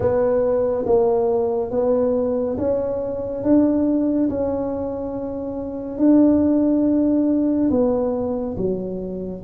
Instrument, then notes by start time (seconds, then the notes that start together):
tuba
0.00 B3
0.85 A#3
1.71 B3
2.58 C#4
3.43 D4
4.29 C#4
5.98 D4
7.70 B3
8.57 F#3